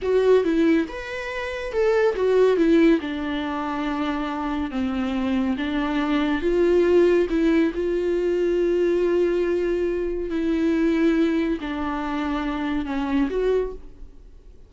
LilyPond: \new Staff \with { instrumentName = "viola" } { \time 4/4 \tempo 4 = 140 fis'4 e'4 b'2 | a'4 fis'4 e'4 d'4~ | d'2. c'4~ | c'4 d'2 f'4~ |
f'4 e'4 f'2~ | f'1 | e'2. d'4~ | d'2 cis'4 fis'4 | }